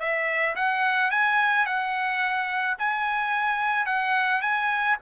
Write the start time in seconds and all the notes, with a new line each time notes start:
0.00 E5
0.56 F#5
1.11 G#5
1.66 F#5
2.79 G#5
3.86 F#5
4.42 G#5